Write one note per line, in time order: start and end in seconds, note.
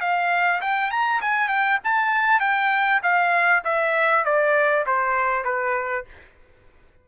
0.00 0.61 F5
0.61 0.90 G5
0.90 1.21 A#5
1.21 1.48 G#5
1.48 1.78 G5
1.83 2.40 A5
2.40 3.01 G5
3.02 3.63 F5
3.64 4.25 E5
4.25 4.85 D5
4.86 5.44 C5
5.44 6.05 B4